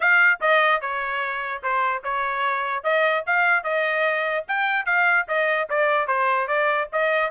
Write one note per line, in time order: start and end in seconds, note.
0.00 0.39 F5
0.41 0.81 D#5
0.81 1.62 C#5
1.62 2.03 C5
2.03 2.83 C#5
2.83 3.24 D#5
3.26 3.63 F5
3.63 4.44 D#5
4.48 4.85 G5
4.85 5.26 F5
5.28 5.68 D#5
5.69 6.07 D5
6.07 6.47 C5
6.47 6.88 D5
6.92 7.30 D#5